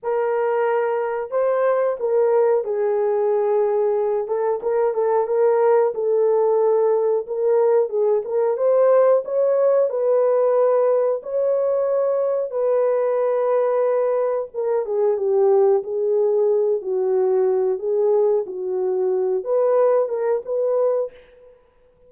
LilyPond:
\new Staff \with { instrumentName = "horn" } { \time 4/4 \tempo 4 = 91 ais'2 c''4 ais'4 | gis'2~ gis'8 a'8 ais'8 a'8 | ais'4 a'2 ais'4 | gis'8 ais'8 c''4 cis''4 b'4~ |
b'4 cis''2 b'4~ | b'2 ais'8 gis'8 g'4 | gis'4. fis'4. gis'4 | fis'4. b'4 ais'8 b'4 | }